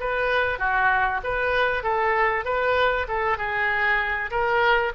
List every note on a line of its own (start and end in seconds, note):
0.00 0.59 B4
0.59 1.21 F#4
1.24 1.83 B4
1.83 2.45 A4
2.45 3.07 B4
3.08 3.38 A4
3.38 4.30 G#4
4.31 4.93 A#4